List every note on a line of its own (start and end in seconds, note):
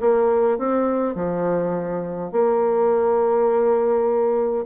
0.00 0.58 A#3
0.58 1.15 C4
1.15 2.31 F3
2.32 4.65 A#3